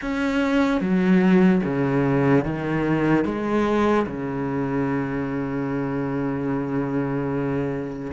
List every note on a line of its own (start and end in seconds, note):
0.01 0.81 C#4
0.81 1.62 F#3
1.64 2.45 C#3
2.45 3.24 D#3
3.24 4.05 G#3
4.06 8.12 C#3